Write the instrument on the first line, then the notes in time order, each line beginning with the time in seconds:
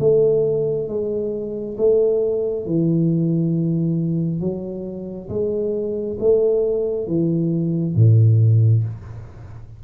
tuba
0.00 A3
0.88 G#3
1.78 A3
2.67 E3
4.41 F#3
5.29 G#3
6.20 A3
7.07 E3
7.96 A2